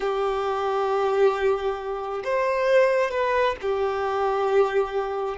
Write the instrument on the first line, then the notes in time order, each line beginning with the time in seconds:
violin
0.00 G4
2.24 C5
3.11 B4
3.61 G4